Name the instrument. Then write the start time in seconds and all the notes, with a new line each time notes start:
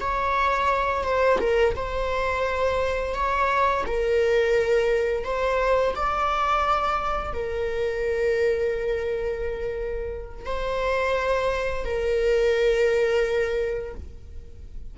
viola
0.00 C#5
1.04 C5
1.40 A#4
1.75 C5
3.14 C#5
3.86 A#4
5.24 C5
5.95 D5
7.33 A#4
10.45 C5
11.84 A#4